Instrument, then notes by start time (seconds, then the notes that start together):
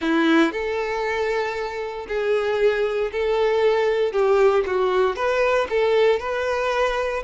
violin
0.01 E4
0.51 A4
2.07 G#4
3.12 A4
4.12 G4
4.66 F#4
5.16 B4
5.69 A4
6.19 B4